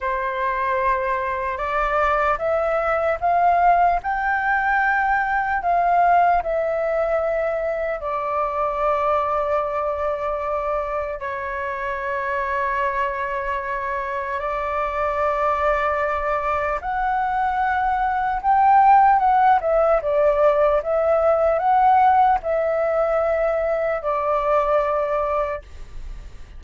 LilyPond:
\new Staff \with { instrumentName = "flute" } { \time 4/4 \tempo 4 = 75 c''2 d''4 e''4 | f''4 g''2 f''4 | e''2 d''2~ | d''2 cis''2~ |
cis''2 d''2~ | d''4 fis''2 g''4 | fis''8 e''8 d''4 e''4 fis''4 | e''2 d''2 | }